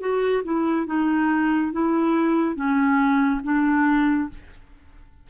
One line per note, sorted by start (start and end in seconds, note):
0.00 0.43 F#4
0.44 0.86 E4
0.86 1.72 D#4
1.72 2.55 E4
2.55 3.41 C#4
3.43 4.29 D4